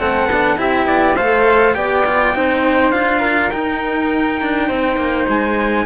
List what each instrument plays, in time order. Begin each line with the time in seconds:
0.00 cello A3 C4, flute A4, trumpet F#5
0.26 cello B3
0.32 cello D4
0.57 cello C4 E4, flute G4, trumpet E5
0.87 cello B3, trumpet D5
1.16 cello A3 A4, flute C5, trumpet F5
1.75 cello B3 G4, flute D5, trumpet G5
2.06 cello F4
2.35 cello C4 D#4, flute C5
2.92 cello D4 F4, trumpet F5
3.20 flute A#4
3.51 cello D#4, trumpet G5
4.42 cello D4
4.68 cello C4, flute C5
4.97 cello A#3
5.29 cello G#3, trumpet G#5